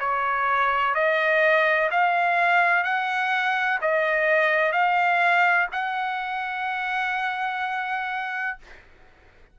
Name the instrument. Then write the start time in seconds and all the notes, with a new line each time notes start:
trumpet
0.00 C#5
0.95 D#5
1.91 F5
2.84 F#5
3.81 D#5
4.72 F5
5.72 F#5